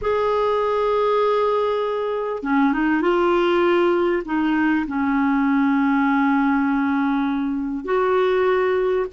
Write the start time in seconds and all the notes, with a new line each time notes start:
0.01 G#4
2.42 C#4
2.72 D#4
3.01 F4
4.25 D#4
4.87 C#4
7.85 F#4